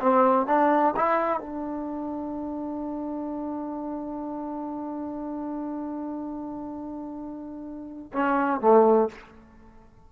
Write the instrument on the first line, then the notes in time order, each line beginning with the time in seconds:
trombone
0.00 C4
0.46 D4
0.96 E4
1.40 D4
8.13 C#4
8.61 A3